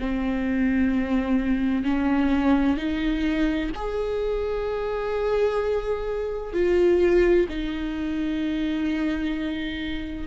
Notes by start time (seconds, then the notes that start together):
0.00 C4
1.84 C#4
2.77 D#4
3.76 G#4
6.54 F4
7.49 D#4